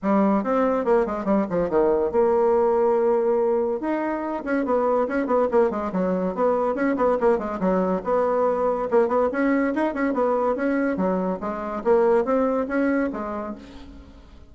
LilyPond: \new Staff \with { instrumentName = "bassoon" } { \time 4/4 \tempo 4 = 142 g4 c'4 ais8 gis8 g8 f8 | dis4 ais2.~ | ais4 dis'4. cis'8 b4 | cis'8 b8 ais8 gis8 fis4 b4 |
cis'8 b8 ais8 gis8 fis4 b4~ | b4 ais8 b8 cis'4 dis'8 cis'8 | b4 cis'4 fis4 gis4 | ais4 c'4 cis'4 gis4 | }